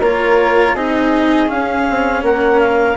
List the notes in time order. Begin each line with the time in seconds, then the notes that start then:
0.00 A#3 F4 A#4 C#5
0.74 C4 D#4 G#4 D#5
1.47 C#4 F5
1.90 C4
2.23 A#3 A#4 F#5
2.59 F5